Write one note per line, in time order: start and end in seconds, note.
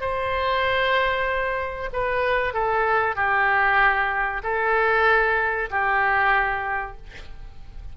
0.00 1.89 C5
1.92 2.53 B4
2.53 3.15 A4
3.15 4.42 G4
4.43 5.69 A4
5.70 6.96 G4